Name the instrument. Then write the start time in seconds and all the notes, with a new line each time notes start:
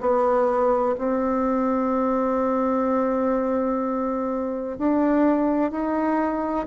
bassoon
0.00 B3
0.97 C4
4.78 D4
5.71 D#4